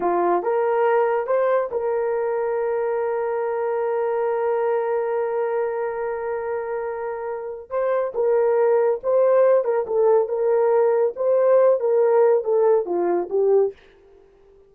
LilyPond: \new Staff \with { instrumentName = "horn" } { \time 4/4 \tempo 4 = 140 f'4 ais'2 c''4 | ais'1~ | ais'1~ | ais'1~ |
ais'2 c''4 ais'4~ | ais'4 c''4. ais'8 a'4 | ais'2 c''4. ais'8~ | ais'4 a'4 f'4 g'4 | }